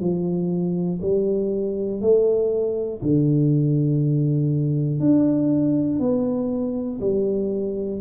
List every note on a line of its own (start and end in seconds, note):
0.00 1.00 F3
1.01 2.01 G3
2.01 3.01 A3
3.02 5.00 D3
5.00 5.99 D4
5.99 6.99 B3
7.00 8.00 G3